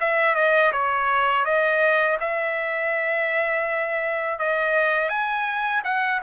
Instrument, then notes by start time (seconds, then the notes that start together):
trumpet
0.00 E5
0.35 D#5
0.72 C#5
1.45 D#5
2.20 E5
4.39 D#5
5.09 G#5
5.84 F#5